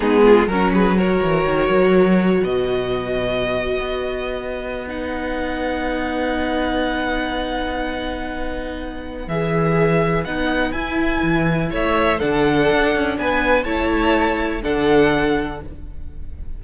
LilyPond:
<<
  \new Staff \with { instrumentName = "violin" } { \time 4/4 \tempo 4 = 123 gis'4 ais'8 b'8 cis''2~ | cis''4 dis''2.~ | dis''2 fis''2~ | fis''1~ |
fis''2. e''4~ | e''4 fis''4 gis''2 | e''4 fis''2 gis''4 | a''2 fis''2 | }
  \new Staff \with { instrumentName = "violin" } { \time 4/4 dis'8 f'8 fis'8 gis'8 ais'2~ | ais'4 b'2.~ | b'1~ | b'1~ |
b'1~ | b'1 | cis''4 a'2 b'4 | cis''2 a'2 | }
  \new Staff \with { instrumentName = "viola" } { \time 4/4 b4 cis'4 fis'2~ | fis'1~ | fis'2 dis'2~ | dis'1~ |
dis'2. gis'4~ | gis'4 dis'4 e'2~ | e'4 d'2. | e'2 d'2 | }
  \new Staff \with { instrumentName = "cello" } { \time 4/4 gis4 fis4. e8 dis8 fis8~ | fis4 b,2~ b,8. b16~ | b1~ | b1~ |
b2. e4~ | e4 b4 e'4 e4 | a4 d4 d'8 cis'8 b4 | a2 d2 | }
>>